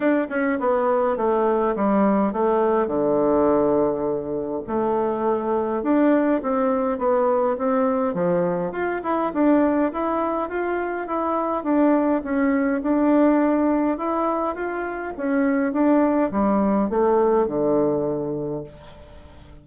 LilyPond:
\new Staff \with { instrumentName = "bassoon" } { \time 4/4 \tempo 4 = 103 d'8 cis'8 b4 a4 g4 | a4 d2. | a2 d'4 c'4 | b4 c'4 f4 f'8 e'8 |
d'4 e'4 f'4 e'4 | d'4 cis'4 d'2 | e'4 f'4 cis'4 d'4 | g4 a4 d2 | }